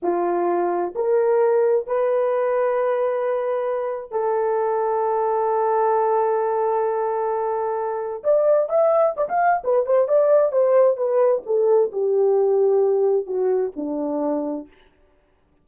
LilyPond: \new Staff \with { instrumentName = "horn" } { \time 4/4 \tempo 4 = 131 f'2 ais'2 | b'1~ | b'4 a'2.~ | a'1~ |
a'2 d''4 e''4 | d''16 f''8. b'8 c''8 d''4 c''4 | b'4 a'4 g'2~ | g'4 fis'4 d'2 | }